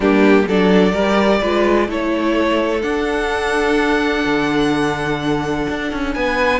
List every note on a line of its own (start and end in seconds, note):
0.00 0.46 G3
0.00 0.49 A#3
0.00 0.44 D4
0.00 0.48 G4
0.47 0.94 F#3
0.47 0.93 D4
0.47 0.92 A4
0.47 1.90 D5
0.92 1.42 G3
0.92 1.40 G4
0.92 1.39 A#4
1.40 1.88 G#3
1.40 1.88 F4
1.40 1.88 B4
1.88 2.83 A3
1.88 2.81 E4
1.88 6.14 A4
1.88 2.82 C#5
2.81 6.59 D4
2.81 4.24 D4
2.81 6.12 F#5
4.25 5.67 D3
5.69 5.91 D4
5.91 6.15 C#4
6.13 6.59 B3
6.13 6.59 B4
6.13 6.59 G#5